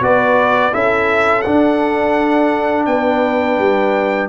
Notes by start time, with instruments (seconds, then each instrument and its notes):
0.00 tuba B3, trombone F#4, horn B4, trumpet D5
0.72 tuba C#4, trombone E4, horn A4, trumpet E5
1.41 trombone D4, tuba D4, trumpet F#5
2.85 tuba B3, horn B4, trumpet G5
3.58 tuba G3